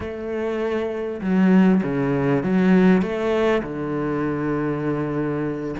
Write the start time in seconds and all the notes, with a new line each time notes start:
0.00 A3
1.21 F#3
1.83 C#3
2.43 F#3
3.01 A3
3.63 D3